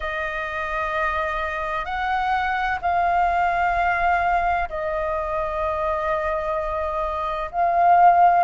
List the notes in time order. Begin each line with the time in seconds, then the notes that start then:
0.00 D#5
1.85 F#5
2.81 F5
4.69 D#5
7.51 F5